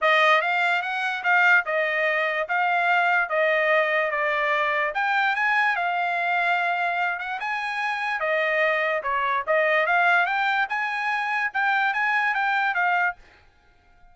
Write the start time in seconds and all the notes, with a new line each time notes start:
0.01 D#5
0.41 F5
0.82 F#5
1.23 F5
1.65 D#5
2.48 F5
3.29 D#5
4.10 D5
4.94 G5
5.35 G#5
5.75 F5
7.19 F#5
7.40 G#5
8.19 D#5
9.02 C#5
9.47 D#5
9.86 F5
10.25 G5
10.69 G#5
11.53 G5
11.93 G#5
12.34 G5
12.74 F5